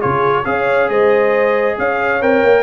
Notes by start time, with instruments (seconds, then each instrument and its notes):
0.00 tuba C#3, trombone F4, horn G#4, trumpet C#5
0.45 tuba C#4, trombone G#4, horn C#5, trumpet F5
0.89 tuba G#3, horn C5, trumpet D#5
1.78 tuba C#4, horn C#5, trumpet F5
2.22 tuba C4, trombone A#4, trumpet G5
2.44 tuba A#3